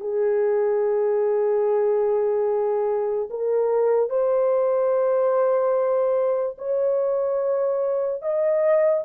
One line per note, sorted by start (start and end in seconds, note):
0.00 3.29 G#4
3.30 4.09 A#4
4.09 6.56 C5
6.58 8.22 C#5
8.22 9.04 D#5